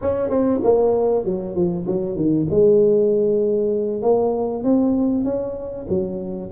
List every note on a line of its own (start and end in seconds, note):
0.01 0.29 C#4
0.29 0.60 C4
0.63 1.25 A#3
1.25 1.55 F#3
1.55 1.86 F3
1.86 2.16 F#3
2.16 2.47 D#3
2.50 4.02 G#3
4.02 4.63 A#3
4.63 5.24 C4
5.24 5.86 C#4
5.89 6.51 F#3